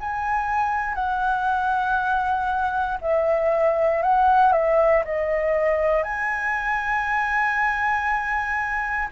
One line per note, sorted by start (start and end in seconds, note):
0.00 0.95 G#5
0.95 2.98 F#5
3.01 4.02 E5
4.02 4.53 F#5
4.53 5.03 E5
5.05 6.03 D#5
6.03 9.08 G#5